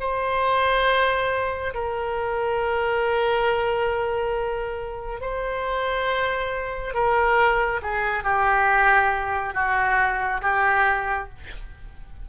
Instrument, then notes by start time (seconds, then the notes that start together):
oboe
0.00 C5
1.74 A#4
5.21 C5
6.94 A#4
7.82 G#4
8.24 G4
9.55 F#4
10.42 G4